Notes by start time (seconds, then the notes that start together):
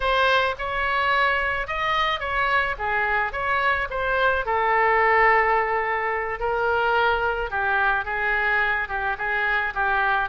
0.00 C5
0.58 C#5
1.67 D#5
2.19 C#5
2.78 G#4
3.32 C#5
3.90 C5
4.45 A4
6.39 A#4
7.50 G4
8.05 G#4
8.88 G4
9.17 G#4
9.74 G4